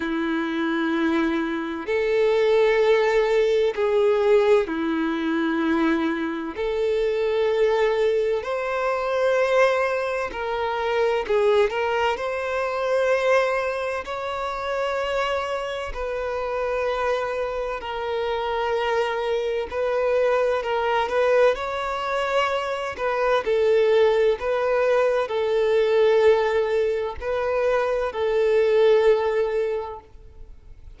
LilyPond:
\new Staff \with { instrumentName = "violin" } { \time 4/4 \tempo 4 = 64 e'2 a'2 | gis'4 e'2 a'4~ | a'4 c''2 ais'4 | gis'8 ais'8 c''2 cis''4~ |
cis''4 b'2 ais'4~ | ais'4 b'4 ais'8 b'8 cis''4~ | cis''8 b'8 a'4 b'4 a'4~ | a'4 b'4 a'2 | }